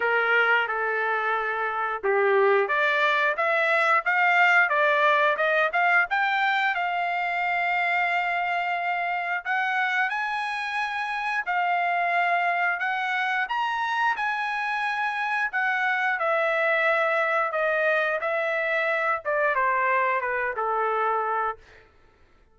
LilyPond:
\new Staff \with { instrumentName = "trumpet" } { \time 4/4 \tempo 4 = 89 ais'4 a'2 g'4 | d''4 e''4 f''4 d''4 | dis''8 f''8 g''4 f''2~ | f''2 fis''4 gis''4~ |
gis''4 f''2 fis''4 | ais''4 gis''2 fis''4 | e''2 dis''4 e''4~ | e''8 d''8 c''4 b'8 a'4. | }